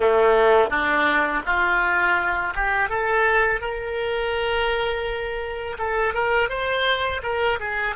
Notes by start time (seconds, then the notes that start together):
0.00 A3
0.70 D4
1.45 F4
2.55 G4
2.89 A4
3.60 A#4
5.78 A4
6.13 A#4
6.49 C5
7.23 A#4
7.59 G#4